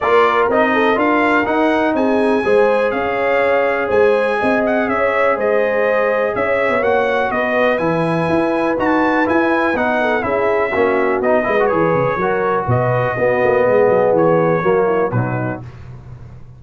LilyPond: <<
  \new Staff \with { instrumentName = "trumpet" } { \time 4/4 \tempo 4 = 123 d''4 dis''4 f''4 fis''4 | gis''2 f''2 | gis''4. fis''8 e''4 dis''4~ | dis''4 e''4 fis''4 dis''4 |
gis''2 a''4 gis''4 | fis''4 e''2 dis''4 | cis''2 dis''2~ | dis''4 cis''2 b'4 | }
  \new Staff \with { instrumentName = "horn" } { \time 4/4 ais'4. a'8 ais'2 | gis'4 c''4 cis''2 | c''4 dis''4 cis''4 c''4~ | c''4 cis''2 b'4~ |
b'1~ | b'8 a'8 gis'4 fis'4. b'8~ | b'4 ais'4 b'4 fis'4 | gis'2 fis'8 e'8 dis'4 | }
  \new Staff \with { instrumentName = "trombone" } { \time 4/4 f'4 dis'4 f'4 dis'4~ | dis'4 gis'2.~ | gis'1~ | gis'2 fis'2 |
e'2 fis'4 e'4 | dis'4 e'4 cis'4 dis'8 e'16 fis'16 | gis'4 fis'2 b4~ | b2 ais4 fis4 | }
  \new Staff \with { instrumentName = "tuba" } { \time 4/4 ais4 c'4 d'4 dis'4 | c'4 gis4 cis'2 | gis4 c'4 cis'4 gis4~ | gis4 cis'8. b16 ais4 b4 |
e4 e'4 dis'4 e'4 | b4 cis'4 ais4 b8 gis8 | e8 cis8 fis4 b,4 b8 ais8 | gis8 fis8 e4 fis4 b,4 | }
>>